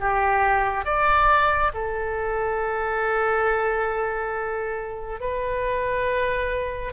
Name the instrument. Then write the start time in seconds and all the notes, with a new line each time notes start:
oboe
0.00 G4
0.85 D5
1.74 A4
5.20 B4